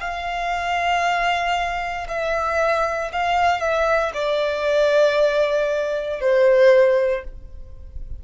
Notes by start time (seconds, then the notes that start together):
0.00 F5
2.08 E5
3.12 F5
3.60 E5
4.14 D5
6.20 C5